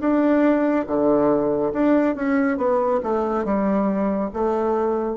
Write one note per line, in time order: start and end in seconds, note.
0.00 0.86 D4
0.87 1.73 D3
1.73 2.15 D4
2.15 2.57 C#4
2.57 3.00 B3
3.03 3.44 A3
3.44 4.30 G3
4.33 5.17 A3